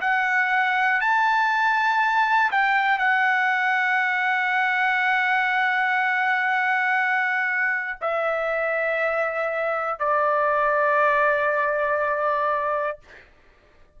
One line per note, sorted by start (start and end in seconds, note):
0.00 1.00 F#5
1.00 2.50 A5
2.50 2.98 G5
2.98 7.98 F#5
8.00 9.99 E5
9.99 12.99 D5